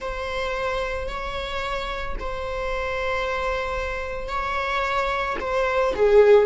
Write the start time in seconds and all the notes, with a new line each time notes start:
0.00 C5
1.07 C#5
2.19 C5
4.28 C#5
5.40 C5
5.95 G#4